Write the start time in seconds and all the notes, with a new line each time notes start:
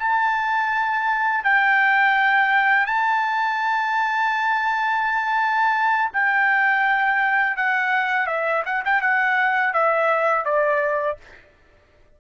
0.00 A5
1.45 G5
2.87 A5
6.13 G5
7.57 F#5
8.27 E5
8.66 F#5
8.86 G5
9.02 F#5
9.74 E5
10.46 D5